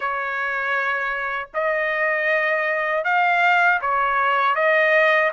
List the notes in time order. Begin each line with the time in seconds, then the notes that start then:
0.00 C#5
1.54 D#5
3.04 F5
3.81 C#5
4.55 D#5